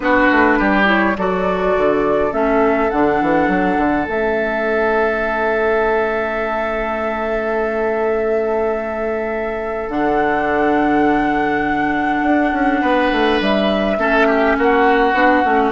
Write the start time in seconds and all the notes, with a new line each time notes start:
0.00 B3 D4 F#4 B4
0.31 A3
0.58 G3 G4
0.85 E4 C#5
1.17 F#3 F#4 A4 D5
1.77 D3
2.31 A3 C#4 E5
2.89 D3 D4 F#5
3.21 E3
3.48 F#3
3.77 D3
4.07 A3 C#4 E5
9.88 D3 D4 F#5
12.22 D4
12.52 C#4
12.80 B3 B4
13.11 A3
13.40 G3 E5
13.98 A3 C#4 A4
14.27 G4
14.58 A#3 F#4 F#5
15.13 B3 D4
15.44 A3 C#4